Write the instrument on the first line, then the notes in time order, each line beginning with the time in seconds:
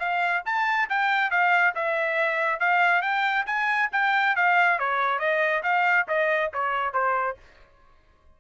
trumpet
0.00 F5
0.46 A5
0.90 G5
1.31 F5
1.75 E5
2.60 F5
3.02 G5
3.47 G#5
3.93 G5
4.36 F5
4.79 C#5
5.20 D#5
5.63 F5
6.08 D#5
6.54 C#5
6.94 C5